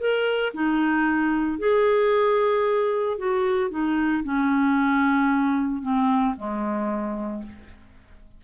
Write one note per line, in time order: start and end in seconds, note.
0.00 0.53 A#4
0.54 1.59 D#4
1.59 3.18 G#4
3.18 3.71 F#4
3.71 4.24 D#4
4.24 5.82 C#4
5.82 6.35 C4
6.37 7.43 G#3